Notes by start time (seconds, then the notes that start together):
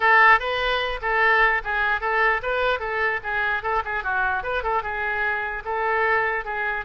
0.00 A4
0.39 B4
1.01 A4
1.63 G#4
2.00 A4
2.42 B4
2.79 A4
3.23 G#4
3.62 A4
3.84 G#4
4.03 F#4
4.43 B4
4.63 A4
4.82 G#4
5.64 A4
6.44 G#4